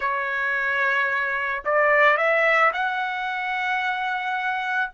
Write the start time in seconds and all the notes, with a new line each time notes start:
0.00 C#5
1.64 D5
2.17 E5
2.73 F#5